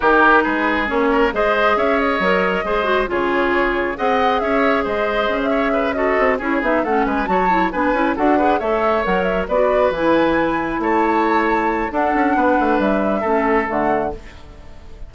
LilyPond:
<<
  \new Staff \with { instrumentName = "flute" } { \time 4/4 \tempo 4 = 136 ais'4 b'4 cis''4 dis''4 | e''8 dis''2~ dis''8 cis''4~ | cis''4 fis''4 e''4 dis''4~ | dis''16 e''4~ e''16 dis''4 cis''8 e''8 fis''8 |
gis''8 a''4 gis''4 fis''4 e''8~ | e''8 fis''8 e''8 d''4 gis''4.~ | gis''8 a''2~ a''8 fis''4~ | fis''4 e''2 fis''4 | }
  \new Staff \with { instrumentName = "oboe" } { \time 4/4 g'4 gis'4. ais'8 c''4 | cis''2 c''4 gis'4~ | gis'4 dis''4 cis''4 c''4~ | c''8 cis''8 b'8 a'4 gis'4 a'8 |
b'8 cis''4 b'4 a'8 b'8 cis''8~ | cis''4. b'2~ b'8~ | b'8 cis''2~ cis''8 a'4 | b'2 a'2 | }
  \new Staff \with { instrumentName = "clarinet" } { \time 4/4 dis'2 cis'4 gis'4~ | gis'4 ais'4 gis'8 fis'8 f'4~ | f'4 gis'2.~ | gis'4. fis'4 e'8 dis'8 cis'8~ |
cis'8 fis'8 e'8 d'8 e'8 fis'8 gis'8 a'8~ | a'8 ais'4 fis'4 e'4.~ | e'2. d'4~ | d'2 cis'4 a4 | }
  \new Staff \with { instrumentName = "bassoon" } { \time 4/4 dis4 gis4 ais4 gis4 | cis'4 fis4 gis4 cis4~ | cis4 c'4 cis'4 gis4 | cis'2 c'8 cis'8 b8 a8 |
gis8 fis4 b8 cis'8 d'4 a8~ | a8 fis4 b4 e4.~ | e8 a2~ a8 d'8 cis'8 | b8 a8 g4 a4 d4 | }
>>